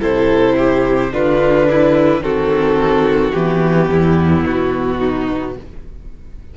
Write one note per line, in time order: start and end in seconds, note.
0.00 1.12 C3
0.00 1.11 E4
0.00 0.56 A4
0.00 1.13 C5
0.57 1.12 G4
1.11 2.20 D3
1.11 2.21 D4
1.11 1.69 F4
1.11 2.22 B4
1.70 2.23 E4
2.20 3.31 D#3
2.20 3.32 C4
2.20 3.90 F#4
2.20 3.32 A4
3.32 3.89 E3
3.32 5.56 B3
3.32 4.43 G4
3.89 4.45 E2
3.89 4.98 E4
4.45 5.56 B2
4.45 5.56 F#4
4.98 5.54 D#4